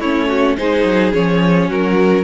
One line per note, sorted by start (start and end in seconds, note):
0.00 0.57 A3
0.00 0.58 C#4
0.00 0.28 E4
0.00 0.56 C#5
0.28 0.56 F#4
0.56 0.84 G#3
0.56 1.12 D#4
0.56 1.68 G#4
0.56 1.12 C5
0.84 1.12 F#3
1.12 1.69 F3
1.12 2.24 C#4
1.12 1.70 C#5
1.68 2.24 F#3
1.68 2.24 F#4
1.68 2.24 A#4